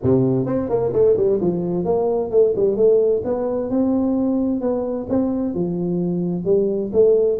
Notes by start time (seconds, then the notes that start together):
0.02 C3
0.46 C4
0.69 A#3
0.92 A3
1.16 G3
1.40 F3
1.84 A#3
2.30 A3
2.55 G3
2.76 A3
3.24 B3
3.70 C4
4.60 B3
5.09 C4
5.54 F3
6.44 G3
6.92 A3